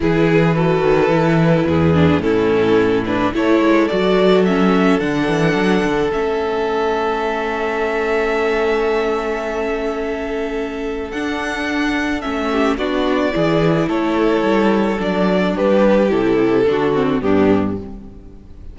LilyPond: <<
  \new Staff \with { instrumentName = "violin" } { \time 4/4 \tempo 4 = 108 b'1 | a'4. b'8 cis''4 d''4 | e''4 fis''2 e''4~ | e''1~ |
e''1 | fis''2 e''4 d''4~ | d''4 cis''2 d''4 | b'4 a'2 g'4 | }
  \new Staff \with { instrumentName = "violin" } { \time 4/4 gis'4 a'2 gis'4 | e'2 a'2~ | a'1~ | a'1~ |
a'1~ | a'2~ a'8 g'8 fis'4 | gis'4 a'2. | g'2 fis'4 d'4 | }
  \new Staff \with { instrumentName = "viola" } { \time 4/4 e'4 fis'4 e'4. d'8 | cis'4. d'8 e'4 fis'4 | cis'4 d'2 cis'4~ | cis'1~ |
cis'1 | d'2 cis'4 d'4 | e'2. d'4~ | d'4 e'4 d'8 c'8 b4 | }
  \new Staff \with { instrumentName = "cello" } { \time 4/4 e4. dis8 e4 e,4 | a,2 a8 gis8 fis4~ | fis4 d8 e8 fis8 d8 a4~ | a1~ |
a1 | d'2 a4 b4 | e4 a4 g4 fis4 | g4 c4 d4 g,4 | }
>>